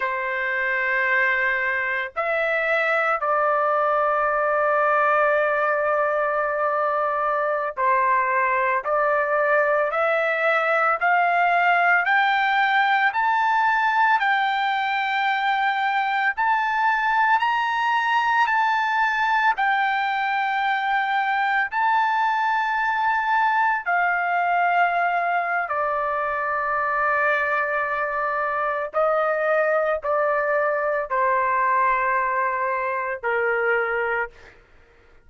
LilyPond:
\new Staff \with { instrumentName = "trumpet" } { \time 4/4 \tempo 4 = 56 c''2 e''4 d''4~ | d''2.~ d''16 c''8.~ | c''16 d''4 e''4 f''4 g''8.~ | g''16 a''4 g''2 a''8.~ |
a''16 ais''4 a''4 g''4.~ g''16~ | g''16 a''2 f''4.~ f''16 | d''2. dis''4 | d''4 c''2 ais'4 | }